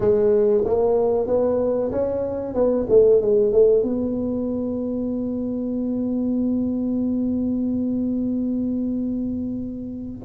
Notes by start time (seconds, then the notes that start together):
0.00 G#3
0.64 A#3
1.27 B3
1.91 C#4
2.54 B3
2.89 A3
3.21 G#3
3.52 A3
3.82 B3